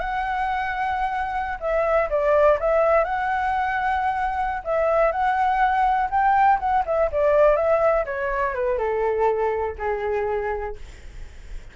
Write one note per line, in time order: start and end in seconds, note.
0.00 1.59 F#5
1.61 2.10 E5
2.10 2.59 D5
2.60 3.04 E5
3.04 4.63 F#5
4.65 5.12 E5
5.12 6.10 F#5
6.11 6.59 G5
6.60 6.84 F#5
6.86 7.11 E5
7.12 7.57 D5
7.57 8.05 E5
8.06 8.55 C#5
8.55 8.79 B4
8.79 9.76 A4
9.78 10.76 G#4